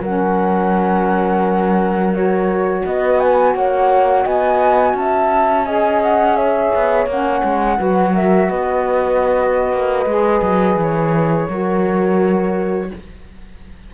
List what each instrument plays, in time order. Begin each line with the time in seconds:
0.00 cello F#3, saxophone C#4, horn A#4, flute F#5
2.13 saxophone F#4, flute C#5
2.85 cello B3, horn B4, flute D#5
3.20 flute G#5
3.55 cello A#3, horn C#5, flute F#5
4.24 cello B3, horn D#5, flute G#5
4.94 cello C#4, horn E5, flute A5
5.65 saxophone G#4, horn D#5, flute G#5
6.03 flute F#5
6.36 horn C#5, flute E5
6.75 cello B3
7.06 cello A#3, saxophone C#4, flute F#5
7.44 cello G#3
7.78 cello F#3, saxophone F#4, horn B4
8.14 horn A#4, flute E5
8.49 cello B3, horn B4, flute D#5
9.73 cello A#3
10.06 cello G#3, saxophone G#4
10.42 cello F#3
10.76 cello E3, flute C#5
11.49 cello F#3, saxophone F#4, horn A#4